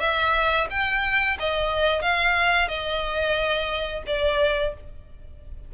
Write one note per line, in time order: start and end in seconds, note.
0.00 0.67 E5
0.70 1.38 G5
1.40 2.02 D#5
2.02 2.68 F5
2.68 4.03 D#5
4.07 4.74 D5